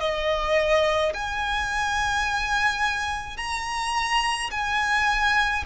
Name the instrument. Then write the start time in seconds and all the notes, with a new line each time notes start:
violin
0.00 D#5
1.14 G#5
3.37 A#5
4.51 G#5